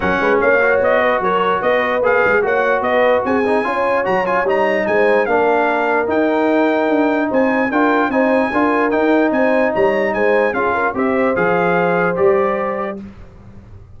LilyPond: <<
  \new Staff \with { instrumentName = "trumpet" } { \time 4/4 \tempo 4 = 148 fis''4 f''4 dis''4 cis''4 | dis''4 f''4 fis''4 dis''4 | gis''2 ais''8 gis''8 ais''4 | gis''4 f''2 g''4~ |
g''2 gis''4 g''4 | gis''2 g''4 gis''4 | ais''4 gis''4 f''4 e''4 | f''2 d''2 | }
  \new Staff \with { instrumentName = "horn" } { \time 4/4 ais'8 b'8 cis''4. b'8 ais'4 | b'2 cis''4 b'4 | gis'4 cis''2. | c''4 ais'2.~ |
ais'2 c''4 ais'4 | c''4 ais'2 c''4 | cis''4 c''4 gis'8 ais'8 c''4~ | c''1 | }
  \new Staff \with { instrumentName = "trombone" } { \time 4/4 cis'4. fis'2~ fis'8~ | fis'4 gis'4 fis'2~ | fis'8 dis'8 f'4 fis'8 f'8 dis'4~ | dis'4 d'2 dis'4~ |
dis'2. f'4 | dis'4 f'4 dis'2~ | dis'2 f'4 g'4 | gis'2 g'2 | }
  \new Staff \with { instrumentName = "tuba" } { \time 4/4 fis8 gis8 ais4 b4 fis4 | b4 ais8 gis8 ais4 b4 | c'4 cis'4 fis4 g4 | gis4 ais2 dis'4~ |
dis'4 d'4 c'4 d'4 | c'4 d'4 dis'4 c'4 | g4 gis4 cis'4 c'4 | f2 g2 | }
>>